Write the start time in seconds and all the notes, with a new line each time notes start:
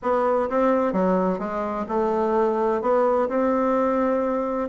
0.02 B3
0.49 C4
0.92 F#3
1.38 G#3
1.88 A3
2.81 B3
3.28 C4